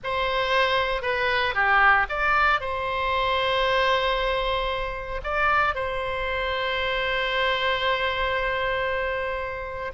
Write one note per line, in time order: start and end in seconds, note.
0.03 1.02 C5
1.02 1.54 B4
1.54 2.06 G4
2.09 2.60 D5
2.60 5.21 C5
5.23 5.74 D5
5.74 9.92 C5